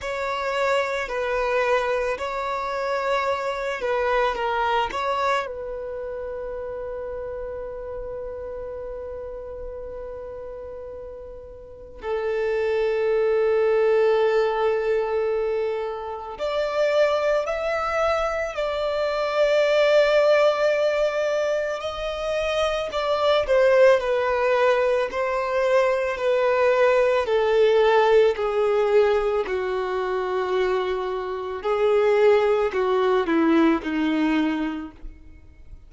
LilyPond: \new Staff \with { instrumentName = "violin" } { \time 4/4 \tempo 4 = 55 cis''4 b'4 cis''4. b'8 | ais'8 cis''8 b'2.~ | b'2. a'4~ | a'2. d''4 |
e''4 d''2. | dis''4 d''8 c''8 b'4 c''4 | b'4 a'4 gis'4 fis'4~ | fis'4 gis'4 fis'8 e'8 dis'4 | }